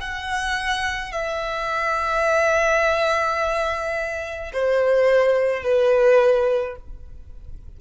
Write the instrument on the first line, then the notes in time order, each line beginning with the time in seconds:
violin
0.00 F#5
1.12 E5
4.53 C5
5.63 B4